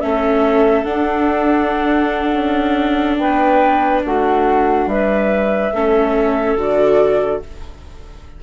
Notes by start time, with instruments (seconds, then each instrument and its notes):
0.00 bassoon A3, viola C#4, clarinet A4, flute E5
0.84 viola D4, bassoon D4, flute F#5
2.33 bassoon C#4
3.17 bassoon B3, clarinet B4, flute G5
4.04 bassoon A3, clarinet F#4, flute F#5
4.86 bassoon G3, clarinet B4, flute E5
5.73 bassoon A3, viola C#4, clarinet A4
6.55 bassoon D3, viola F#4, flute D5